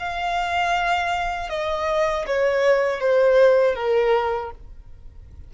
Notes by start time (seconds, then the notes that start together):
0.00 F5
1.50 D#5
2.27 C#5
3.01 C5
3.76 A#4